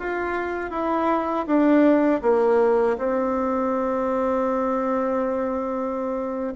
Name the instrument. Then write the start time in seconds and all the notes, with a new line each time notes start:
bassoon
0.00 F4
0.71 E4
1.47 D4
2.22 A#3
2.98 C4